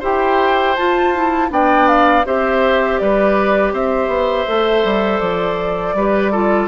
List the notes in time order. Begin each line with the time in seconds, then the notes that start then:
0.00 E4 G4 C5 G5
0.76 F4 A5
1.15 E4
1.50 B3 D4 D5 G5
1.88 F5
2.25 C4 G4 C5 E5
2.99 G3 B4 D5
3.73 C4 C5 E5
4.08 B3
4.48 A3 A4
4.84 G3
5.20 F3 D5
5.94 G3 G4 B4
6.32 F4 A4